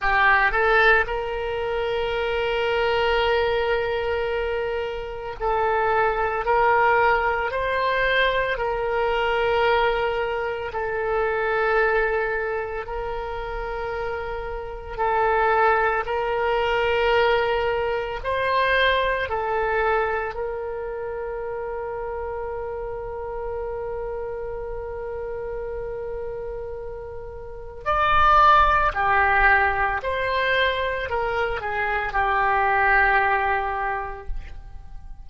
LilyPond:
\new Staff \with { instrumentName = "oboe" } { \time 4/4 \tempo 4 = 56 g'8 a'8 ais'2.~ | ais'4 a'4 ais'4 c''4 | ais'2 a'2 | ais'2 a'4 ais'4~ |
ais'4 c''4 a'4 ais'4~ | ais'1~ | ais'2 d''4 g'4 | c''4 ais'8 gis'8 g'2 | }